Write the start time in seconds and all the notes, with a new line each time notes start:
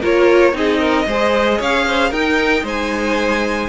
0.00 A#3 F4 A#4 C#5
0.52 C4 D#4 G#4 D#5
0.79 A#4
1.06 G#3 G#4 C5
1.58 C#4 C#5 F5
1.87 C5
2.10 D#4 A#4 G5
2.63 G#3 C5 G#5